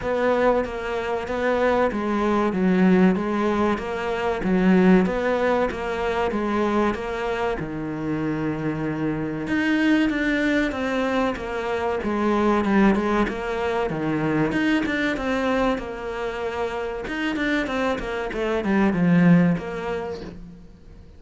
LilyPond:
\new Staff \with { instrumentName = "cello" } { \time 4/4 \tempo 4 = 95 b4 ais4 b4 gis4 | fis4 gis4 ais4 fis4 | b4 ais4 gis4 ais4 | dis2. dis'4 |
d'4 c'4 ais4 gis4 | g8 gis8 ais4 dis4 dis'8 d'8 | c'4 ais2 dis'8 d'8 | c'8 ais8 a8 g8 f4 ais4 | }